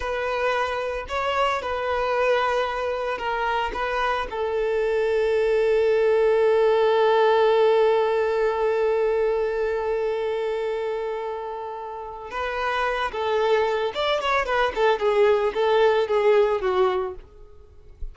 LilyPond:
\new Staff \with { instrumentName = "violin" } { \time 4/4 \tempo 4 = 112 b'2 cis''4 b'4~ | b'2 ais'4 b'4 | a'1~ | a'1~ |
a'1~ | a'2. b'4~ | b'8 a'4. d''8 cis''8 b'8 a'8 | gis'4 a'4 gis'4 fis'4 | }